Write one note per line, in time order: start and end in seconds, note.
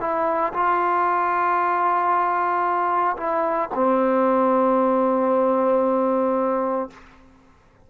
0.00 0.53 E4
0.53 3.16 F4
3.17 3.69 E4
3.74 6.90 C4